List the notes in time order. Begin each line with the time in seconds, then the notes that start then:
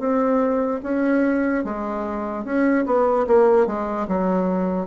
0.00 C4
0.83 C#4
1.64 G#3
2.45 C#4
2.86 B3
3.27 A#3
3.67 G#3
4.08 F#3